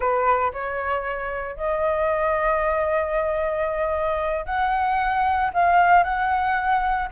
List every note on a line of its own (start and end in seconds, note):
0.00 0.52 B4
0.52 1.56 C#5
1.56 4.45 D#5
4.45 5.51 F#5
5.53 6.03 F5
6.03 7.09 F#5